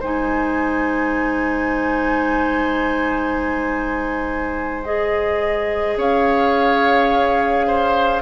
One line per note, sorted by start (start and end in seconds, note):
0.00 5.96 G#3
0.00 4.84 D#4
0.00 5.94 C5
0.00 4.84 G#5
4.84 8.22 G#4
4.84 5.97 D#5
5.97 8.22 C#4
5.97 7.67 C#5
5.97 8.22 F5
7.67 8.22 C5